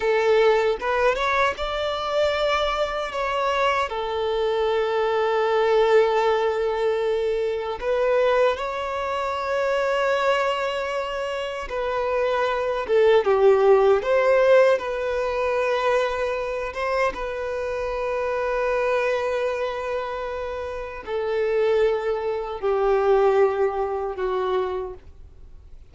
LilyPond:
\new Staff \with { instrumentName = "violin" } { \time 4/4 \tempo 4 = 77 a'4 b'8 cis''8 d''2 | cis''4 a'2.~ | a'2 b'4 cis''4~ | cis''2. b'4~ |
b'8 a'8 g'4 c''4 b'4~ | b'4. c''8 b'2~ | b'2. a'4~ | a'4 g'2 fis'4 | }